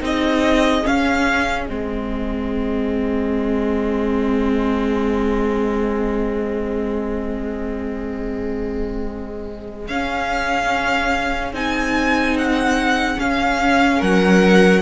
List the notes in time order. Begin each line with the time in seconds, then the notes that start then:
0.00 C4 D#4 G#4 D#5
0.82 C#4 F5
1.65 G#3 C4 D#5
9.88 C#4 F5
11.53 C4 D#4 G#5
12.38 F#5
13.15 C#4 F5
13.99 F#3 A#4 F#5